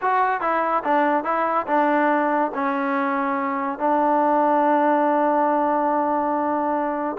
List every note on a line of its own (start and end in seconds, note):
0.01 0.40 F#4
0.40 0.83 E4
0.84 1.24 D4
1.24 1.66 E4
1.67 2.51 D4
2.54 3.78 C#4
3.78 7.16 D4